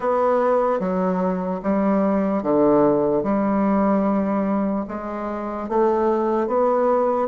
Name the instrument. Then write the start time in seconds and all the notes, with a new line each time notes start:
bassoon
0.00 B3
0.79 F#3
1.63 G3
2.43 D3
3.23 G3
4.88 G#3
5.68 A3
6.47 B3